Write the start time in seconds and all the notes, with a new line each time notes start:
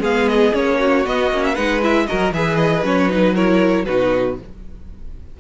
0.00 G#3 B3 G#4 F5
0.29 D#5
0.53 A#3 C#4 C#5
0.79 F#4
1.05 B3 D#5
1.32 A#3 C#4
1.45 E5
1.55 G#3 D#4 B4 F#5
1.82 E4 E5
2.07 F#3 F#4 A#4 D#5
2.32 E3 G#4 B4 E5
2.57 D#5
2.83 F#3 C#4 C#5
3.10 D#4 B4
3.35 E4 A#4 C#5
3.86 B2 D#4 F#4 B4